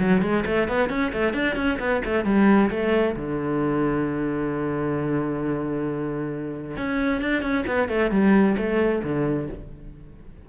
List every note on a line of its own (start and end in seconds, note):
0.00 0.22 F#3
0.22 0.44 G#3
0.46 0.69 A3
0.69 0.90 B3
0.90 1.12 C#4
1.13 1.34 A3
1.34 1.56 D4
1.56 1.79 C#4
1.80 2.02 B3
2.05 2.25 A3
2.25 2.70 G3
2.70 3.16 A3
3.16 6.77 D3
6.78 7.22 C#4
7.22 7.43 D4
7.43 7.65 C#4
7.67 7.89 B3
7.89 8.11 A3
8.11 8.57 G3
8.58 9.03 A3
9.04 9.49 D3